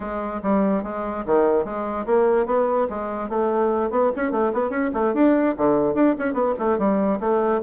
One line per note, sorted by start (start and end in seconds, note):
0.00 0.40 G#3
0.43 0.83 G3
0.83 1.24 G#3
1.25 1.64 D#3
1.64 2.05 G#3
2.05 2.46 A#3
2.46 2.87 B3
2.89 3.29 G#3
3.29 3.90 A3
3.90 4.11 B3
4.15 4.31 C#4
4.31 4.52 A3
4.53 4.70 B3
4.70 4.90 C#4
4.93 5.14 A3
5.14 5.55 D4
5.57 5.94 D3
5.94 6.15 D4
6.18 6.33 C#4
6.33 6.54 B3
6.58 6.78 A3
6.78 7.19 G3
7.19 7.60 A3